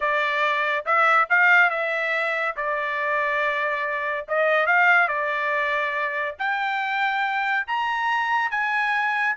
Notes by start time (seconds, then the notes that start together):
0.00 D5
0.85 E5
1.29 F5
1.69 E5
2.56 D5
4.28 D#5
4.66 F5
5.08 D5
6.38 G5
7.67 A#5
8.50 G#5